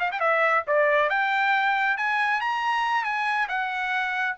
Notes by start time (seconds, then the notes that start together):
0.00 F5
0.12 G5
0.20 E5
0.67 D5
1.10 G5
1.97 G#5
2.41 A#5
3.04 G#5
3.49 F#5